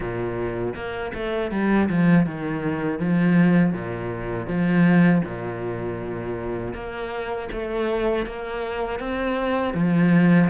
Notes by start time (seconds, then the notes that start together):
0.00 A#2
0.75 A#3
1.14 A3
1.51 G3
1.89 F3
2.26 D#3
2.99 F3
3.72 A#2
4.47 F3
5.24 A#2
6.73 A#3
7.51 A3
8.25 A#3
8.99 C4
9.74 F3